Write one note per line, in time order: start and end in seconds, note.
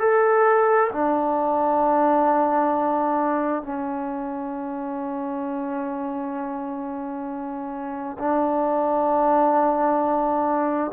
0.00 0.91 A4
0.93 3.63 D4
3.63 8.17 C#4
8.19 10.92 D4